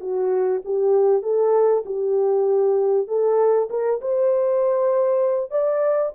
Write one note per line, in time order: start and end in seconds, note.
0.00 0.61 F#4
0.64 1.22 G4
1.22 1.84 A4
1.85 3.08 G4
3.08 3.69 A4
3.70 4.00 A#4
4.01 5.50 C5
5.50 6.12 D5